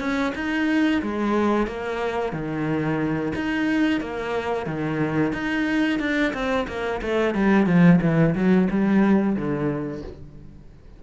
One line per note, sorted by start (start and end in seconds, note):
0.00 0.33 C#4
0.35 1.02 D#4
1.03 1.67 G#3
1.67 2.33 A#3
2.33 3.33 D#3
3.36 4.01 D#4
4.01 4.66 A#3
4.66 5.33 D#3
5.33 6.00 D#4
6.00 6.33 D4
6.34 6.67 C4
6.68 7.02 A#3
7.02 7.35 A3
7.35 7.67 G3
7.67 8.00 F3
8.02 8.35 E3
8.35 8.69 F#3
8.71 9.36 G3
9.36 10.03 D3